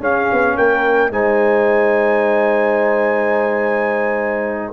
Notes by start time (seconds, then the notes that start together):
0.00 C#4 G#4 F5
0.32 B3
0.56 A#3 A#4 G5
1.10 G#3 D#4 C5 G#5